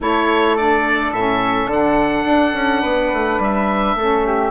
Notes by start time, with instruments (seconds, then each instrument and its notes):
0.00 bassoon A3, saxophone E4, flute A4, oboe C#5
0.56 saxophone D4, oboe D5
1.12 bassoon A2, saxophone C#4, oboe E5
1.67 bassoon D3, saxophone D4, oboe F#5
2.25 bassoon D4
2.53 bassoon C#4
2.81 bassoon B3, flute B4
3.12 bassoon A3
3.38 bassoon G3, oboe E5
3.94 bassoon A3, saxophone C#4, flute A4
4.26 flute G4